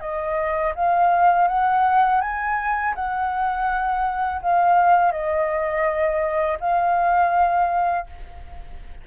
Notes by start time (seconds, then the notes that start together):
0.00 D#5
0.75 F5
1.48 F#5
2.21 G#5
2.95 F#5
4.41 F5
5.12 D#5
6.60 F5